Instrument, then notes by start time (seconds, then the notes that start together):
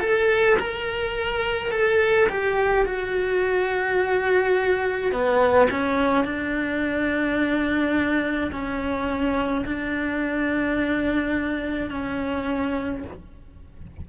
cello
0.00 A4
0.59 A#4
1.71 A4
2.30 G4
2.86 F#4
5.12 B3
5.70 C#4
6.24 D4
8.52 C#4
9.65 D4
11.90 C#4